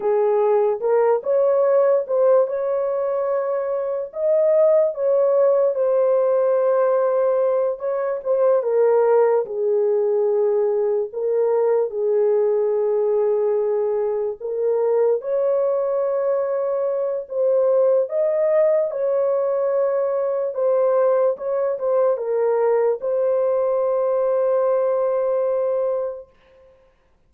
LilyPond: \new Staff \with { instrumentName = "horn" } { \time 4/4 \tempo 4 = 73 gis'4 ais'8 cis''4 c''8 cis''4~ | cis''4 dis''4 cis''4 c''4~ | c''4. cis''8 c''8 ais'4 gis'8~ | gis'4. ais'4 gis'4.~ |
gis'4. ais'4 cis''4.~ | cis''4 c''4 dis''4 cis''4~ | cis''4 c''4 cis''8 c''8 ais'4 | c''1 | }